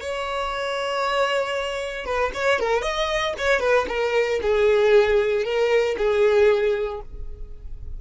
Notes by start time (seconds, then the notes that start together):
0.00 C#5
2.05 B4
2.34 C#5
2.60 A#4
2.82 D#5
3.38 C#5
3.60 B4
3.88 A#4
4.42 G#4
5.44 A#4
5.97 G#4